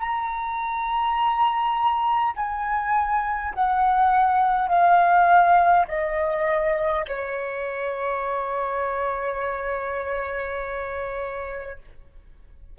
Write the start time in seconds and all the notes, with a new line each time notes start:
0.00 A#5
2.36 G#5
3.55 F#5
4.69 F5
5.88 D#5
7.09 C#5